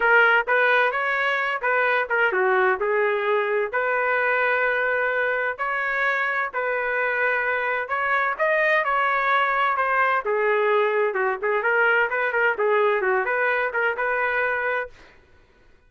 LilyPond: \new Staff \with { instrumentName = "trumpet" } { \time 4/4 \tempo 4 = 129 ais'4 b'4 cis''4. b'8~ | b'8 ais'8 fis'4 gis'2 | b'1 | cis''2 b'2~ |
b'4 cis''4 dis''4 cis''4~ | cis''4 c''4 gis'2 | fis'8 gis'8 ais'4 b'8 ais'8 gis'4 | fis'8 b'4 ais'8 b'2 | }